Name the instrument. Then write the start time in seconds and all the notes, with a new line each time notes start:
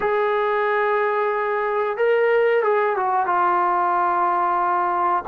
trombone
0.00 G#4
1.97 A#4
2.63 G#4
2.96 F#4
3.25 F4